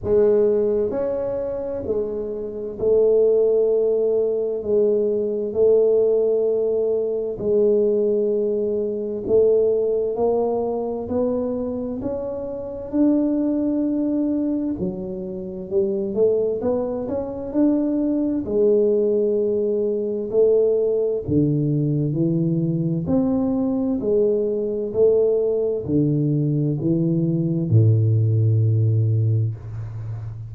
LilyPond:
\new Staff \with { instrumentName = "tuba" } { \time 4/4 \tempo 4 = 65 gis4 cis'4 gis4 a4~ | a4 gis4 a2 | gis2 a4 ais4 | b4 cis'4 d'2 |
fis4 g8 a8 b8 cis'8 d'4 | gis2 a4 d4 | e4 c'4 gis4 a4 | d4 e4 a,2 | }